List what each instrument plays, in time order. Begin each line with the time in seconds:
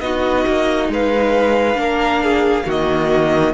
0.00 cello B3, viola D#4, violin F#4 D#5
0.47 cello A#3
0.88 cello G#3, violin B4 F5
1.74 cello A#3, viola D4, violin A#4
2.23 violin G#4
2.65 cello D#3, viola A#3, violin F#4 D#5